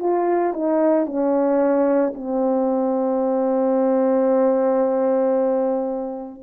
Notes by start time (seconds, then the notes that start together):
0.00 F4
0.53 D#4
1.07 C#4
2.15 C4